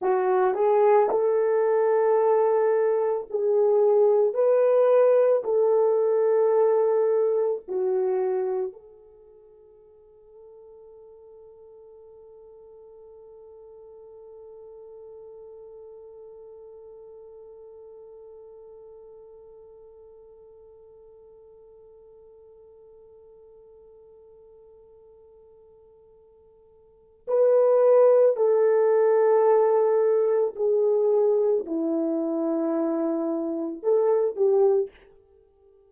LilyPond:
\new Staff \with { instrumentName = "horn" } { \time 4/4 \tempo 4 = 55 fis'8 gis'8 a'2 gis'4 | b'4 a'2 fis'4 | a'1~ | a'1~ |
a'1~ | a'1~ | a'4 b'4 a'2 | gis'4 e'2 a'8 g'8 | }